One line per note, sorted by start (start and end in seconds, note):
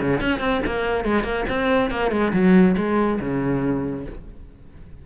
0.00 0.21 C#3
0.21 0.40 C#4
0.40 0.61 C4
0.66 1.05 A#3
1.05 1.23 G#3
1.23 1.45 A#3
1.49 1.91 C4
1.91 2.11 A#3
2.11 2.32 G#3
2.33 2.76 F#3
2.77 3.20 G#3
3.21 4.06 C#3